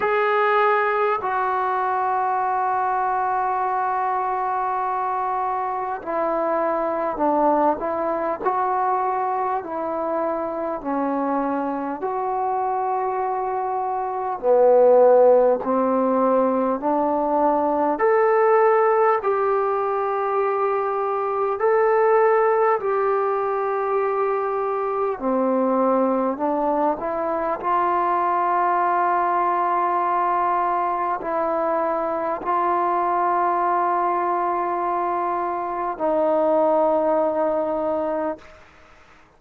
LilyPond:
\new Staff \with { instrumentName = "trombone" } { \time 4/4 \tempo 4 = 50 gis'4 fis'2.~ | fis'4 e'4 d'8 e'8 fis'4 | e'4 cis'4 fis'2 | b4 c'4 d'4 a'4 |
g'2 a'4 g'4~ | g'4 c'4 d'8 e'8 f'4~ | f'2 e'4 f'4~ | f'2 dis'2 | }